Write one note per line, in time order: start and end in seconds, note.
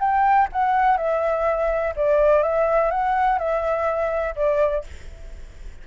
0.00 0.48 G5
0.53 0.98 F#5
0.98 1.94 E5
1.97 2.43 D5
2.43 2.91 E5
2.91 3.39 F#5
3.39 4.35 E5
4.36 4.85 D5